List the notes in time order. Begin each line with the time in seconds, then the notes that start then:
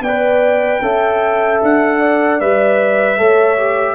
0.00 B3 D5 G5
0.07 B4
0.81 C#4 A4 E5
1.62 D4 F#5
1.99 D5
2.39 G3 B4 E5
3.17 A3 A4 C#5
3.57 G4